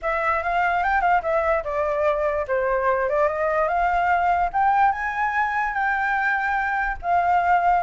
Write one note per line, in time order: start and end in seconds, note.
0.02 0.43 E5
0.43 0.83 F5
0.83 1.01 G5
1.01 1.21 F5
1.22 1.63 E5
1.63 2.46 D5
2.47 3.09 C5
3.09 3.28 D5
3.28 3.68 D#5
3.68 4.50 F5
4.52 4.92 G5
4.92 5.73 G#5
5.73 6.97 G5
7.02 7.83 F5